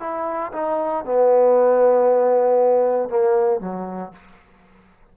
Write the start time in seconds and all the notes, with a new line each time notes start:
0.00 E4
0.52 D#4
1.05 B3
3.09 A#3
3.60 F#3